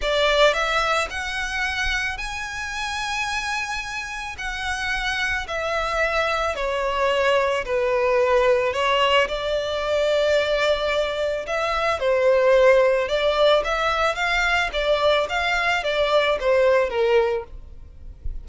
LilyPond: \new Staff \with { instrumentName = "violin" } { \time 4/4 \tempo 4 = 110 d''4 e''4 fis''2 | gis''1 | fis''2 e''2 | cis''2 b'2 |
cis''4 d''2.~ | d''4 e''4 c''2 | d''4 e''4 f''4 d''4 | f''4 d''4 c''4 ais'4 | }